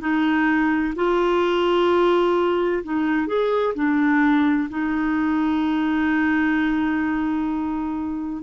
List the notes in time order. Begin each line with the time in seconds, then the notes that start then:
0.00 D#4
0.95 F4
2.83 D#4
3.27 G#4
3.75 D4
4.69 D#4